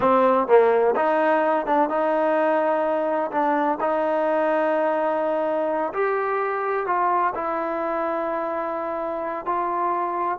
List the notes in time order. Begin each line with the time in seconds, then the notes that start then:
0.00 C4
0.47 A#3
0.96 D#4
1.65 D4
1.89 D#4
3.31 D4
3.80 D#4
5.93 G4
6.86 F4
7.34 E4
9.45 F4